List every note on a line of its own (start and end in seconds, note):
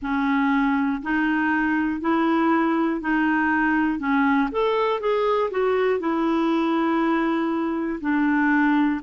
0.02 1.02 C#4
1.02 2.00 D#4
2.00 3.00 E4
3.00 3.99 D#4
3.99 4.49 C#4
4.51 5.00 A4
5.00 5.50 G#4
5.50 6.00 F#4
6.00 8.00 E4
8.00 9.00 D4